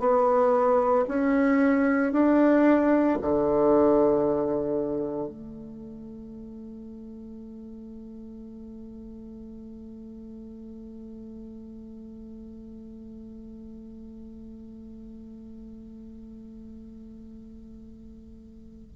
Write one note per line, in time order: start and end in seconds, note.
0.00 1.05 B3
1.08 2.13 C#4
2.13 3.18 D4
3.22 5.28 D3
5.28 18.96 A3